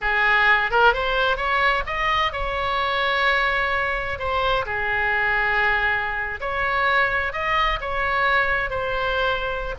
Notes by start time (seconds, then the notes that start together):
0.01 G#4
0.71 A#4
0.93 C5
1.36 C#5
1.86 D#5
2.32 C#5
4.18 C5
4.65 G#4
6.40 C#5
7.33 D#5
7.80 C#5
8.70 C5